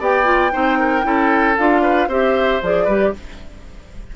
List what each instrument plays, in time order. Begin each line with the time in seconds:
0.00 bassoon B3, clarinet G4, oboe D5, flute G5
0.24 clarinet F4
0.52 bassoon C4, clarinet D#4, oboe C5
0.79 oboe A#4
1.03 bassoon C#4, clarinet E4, oboe A4
1.57 bassoon D4, clarinet F4, flute F5
1.82 oboe B4
2.08 bassoon C4, clarinet G4, oboe C5, flute E5
2.62 bassoon F3, clarinet G#4, flute D5
2.84 bassoon G3, clarinet G4, oboe B4